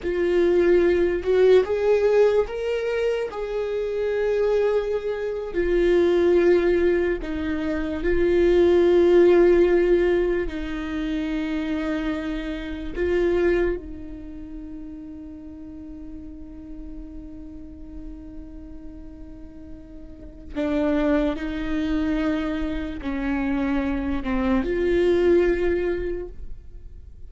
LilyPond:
\new Staff \with { instrumentName = "viola" } { \time 4/4 \tempo 4 = 73 f'4. fis'8 gis'4 ais'4 | gis'2~ gis'8. f'4~ f'16~ | f'8. dis'4 f'2~ f'16~ | f'8. dis'2. f'16~ |
f'8. dis'2.~ dis'16~ | dis'1~ | dis'4 d'4 dis'2 | cis'4. c'8 f'2 | }